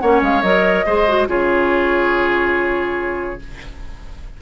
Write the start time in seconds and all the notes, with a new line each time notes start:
0.00 A#3 C#4 C#5 F#5
0.22 G#3 F5
0.42 F#3 A#4 D#5
0.86 G#3 G#4 C5
1.09 F#4
1.28 C#3 F4 G#4 C#5